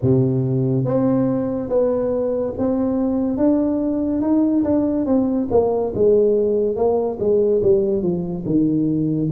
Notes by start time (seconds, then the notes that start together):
0.02 C3
0.85 C4
1.69 B3
2.58 C4
3.36 D4
4.21 D#4
4.64 D4
5.06 C4
5.50 A#3
5.95 G#3
6.76 A#3
7.19 G#3
7.62 G3
8.02 F3
8.45 D#3